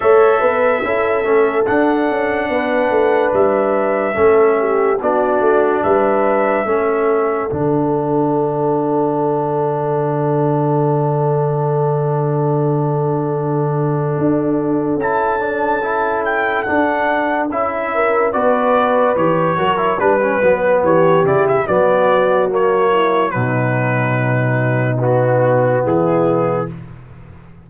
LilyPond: <<
  \new Staff \with { instrumentName = "trumpet" } { \time 4/4 \tempo 4 = 72 e''2 fis''2 | e''2 d''4 e''4~ | e''4 fis''2.~ | fis''1~ |
fis''2 a''4. g''8 | fis''4 e''4 d''4 cis''4 | b'4 cis''8 d''16 e''16 d''4 cis''4 | b'2 fis'4 gis'4 | }
  \new Staff \with { instrumentName = "horn" } { \time 4/4 cis''8 b'8 a'2 b'4~ | b'4 a'8 g'8 fis'4 b'4 | a'1~ | a'1~ |
a'1~ | a'4. ais'8 b'4. ais'8 | b'4 g'4 fis'4. e'8 | dis'2. e'4 | }
  \new Staff \with { instrumentName = "trombone" } { \time 4/4 a'4 e'8 cis'8 d'2~ | d'4 cis'4 d'2 | cis'4 d'2.~ | d'1~ |
d'2 e'8 d'8 e'4 | d'4 e'4 fis'4 g'8 fis'16 e'16 | d'16 cis'16 b4 e'8 b4 ais4 | fis2 b2 | }
  \new Staff \with { instrumentName = "tuba" } { \time 4/4 a8 b8 cis'8 a8 d'8 cis'8 b8 a8 | g4 a4 b8 a8 g4 | a4 d2.~ | d1~ |
d4 d'4 cis'2 | d'4 cis'4 b4 e8 fis8 | g8 fis8 e8 cis8 fis2 | b,2. e4 | }
>>